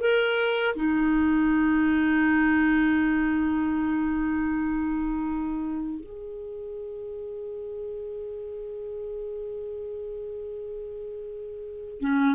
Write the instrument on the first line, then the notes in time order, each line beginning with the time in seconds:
clarinet
0.00 A#4
0.75 D#4
6.00 G#4
12.00 C#4